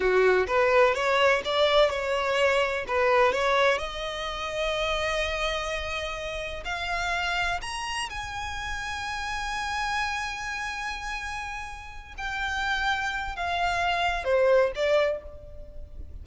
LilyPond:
\new Staff \with { instrumentName = "violin" } { \time 4/4 \tempo 4 = 126 fis'4 b'4 cis''4 d''4 | cis''2 b'4 cis''4 | dis''1~ | dis''2 f''2 |
ais''4 gis''2.~ | gis''1~ | gis''4. g''2~ g''8 | f''2 c''4 d''4 | }